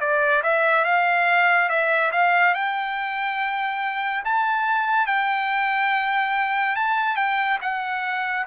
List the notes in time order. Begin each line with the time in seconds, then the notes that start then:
0.00 D5
0.43 E5
0.85 F5
1.69 E5
2.12 F5
2.54 G5
4.25 A5
5.07 G5
6.76 A5
7.16 G5
7.61 F#5